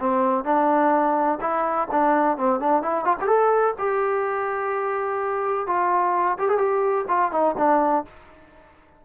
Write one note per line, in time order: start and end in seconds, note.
0.00 0.45 C4
0.45 1.39 D4
1.41 1.89 E4
1.92 2.38 D4
2.38 2.60 C4
2.60 2.83 D4
2.83 3.05 E4
3.05 3.17 F4
3.21 3.28 G4
3.28 3.75 A4
3.79 5.67 G4
5.67 6.38 F4
6.39 6.49 G4
6.49 6.59 G#4
6.59 7.06 G4
7.08 7.32 F4
7.32 7.55 D#4
7.58 8.06 D4